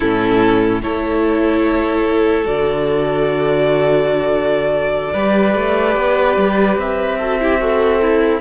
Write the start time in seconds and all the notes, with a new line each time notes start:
0.00 A2 C#4 E4 A4
0.82 A3 E4 A4 C#5
2.44 D3 F#4 D5
5.12 G3 G4 B4
5.55 A3
5.96 B3
6.36 G3
6.77 C4 E5
7.18 F#4 A4
7.40 E4 G4
7.60 F#4 A4
8.01 E4